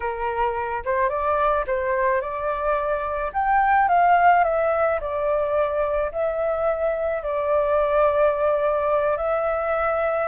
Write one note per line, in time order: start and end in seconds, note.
0.00 0.83 A#4
0.84 1.09 C5
1.09 1.64 D5
1.66 2.21 C5
2.21 3.32 D5
3.33 3.88 G5
3.88 4.43 F5
4.44 4.99 E5
5.00 6.11 D5
6.12 7.22 E5
7.22 9.17 D5
9.17 10.28 E5